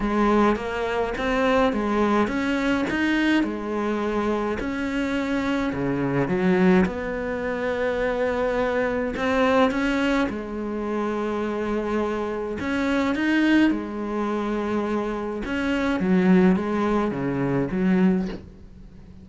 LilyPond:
\new Staff \with { instrumentName = "cello" } { \time 4/4 \tempo 4 = 105 gis4 ais4 c'4 gis4 | cis'4 dis'4 gis2 | cis'2 cis4 fis4 | b1 |
c'4 cis'4 gis2~ | gis2 cis'4 dis'4 | gis2. cis'4 | fis4 gis4 cis4 fis4 | }